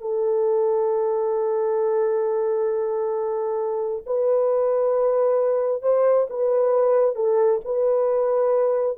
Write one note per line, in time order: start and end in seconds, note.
0.00 4.03 A4
4.06 5.82 B4
5.82 6.26 C5
6.29 7.15 B4
7.15 7.60 A4
7.64 8.97 B4